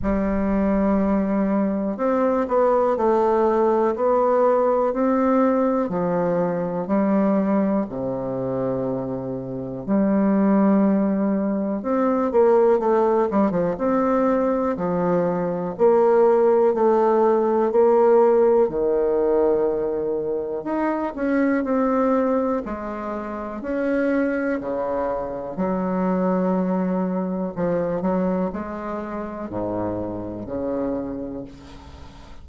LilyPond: \new Staff \with { instrumentName = "bassoon" } { \time 4/4 \tempo 4 = 61 g2 c'8 b8 a4 | b4 c'4 f4 g4 | c2 g2 | c'8 ais8 a8 g16 f16 c'4 f4 |
ais4 a4 ais4 dis4~ | dis4 dis'8 cis'8 c'4 gis4 | cis'4 cis4 fis2 | f8 fis8 gis4 gis,4 cis4 | }